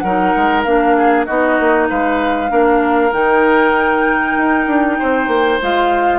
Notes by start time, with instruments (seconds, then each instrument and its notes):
0.00 bassoon F#3, clarinet D#4, oboe A#4, flute F#5
0.36 bassoon G#3
0.64 bassoon A#3, clarinet D4, flute F5
0.97 oboe G#4
1.26 bassoon B3, clarinet D#4, oboe F#4, flute D#5
1.59 bassoon A#3
1.90 bassoon G#3, oboe B4, flute F5
2.49 bassoon A#3, clarinet D4, oboe A#4
3.13 bassoon D#3, clarinet D#4, flute G5
4.37 bassoon D#4
4.67 bassoon D4
4.99 bassoon C4, oboe C5
5.28 bassoon A#3
5.62 bassoon G#3, clarinet F4, flute F5